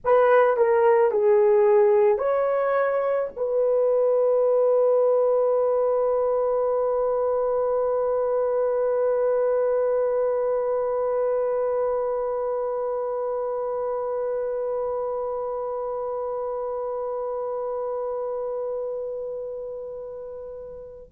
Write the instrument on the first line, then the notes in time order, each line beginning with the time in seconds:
horn
0.04 B4
0.57 A#4
1.11 G#4
2.18 C#5
3.36 B4